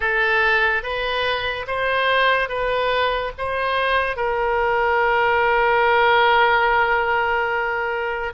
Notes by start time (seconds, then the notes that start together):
0.00 A4
0.82 B4
1.67 C5
2.48 B4
3.37 C5
4.16 A#4